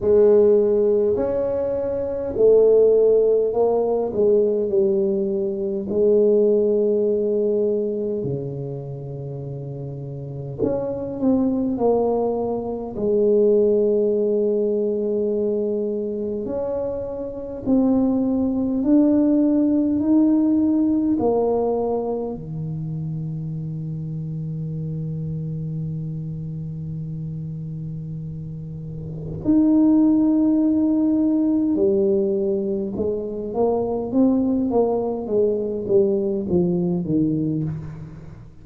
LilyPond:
\new Staff \with { instrumentName = "tuba" } { \time 4/4 \tempo 4 = 51 gis4 cis'4 a4 ais8 gis8 | g4 gis2 cis4~ | cis4 cis'8 c'8 ais4 gis4~ | gis2 cis'4 c'4 |
d'4 dis'4 ais4 dis4~ | dis1~ | dis4 dis'2 g4 | gis8 ais8 c'8 ais8 gis8 g8 f8 dis8 | }